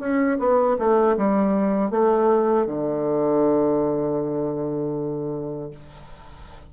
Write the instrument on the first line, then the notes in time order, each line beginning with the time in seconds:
bassoon
0.00 C#4
0.39 B3
0.79 A3
1.17 G3
1.91 A3
2.67 D3